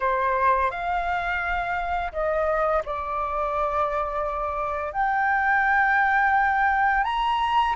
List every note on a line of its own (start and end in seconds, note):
0.00 0.71 C5
0.71 2.12 F5
2.12 2.82 D#5
2.85 4.92 D5
4.92 7.04 G5
7.04 7.74 A#5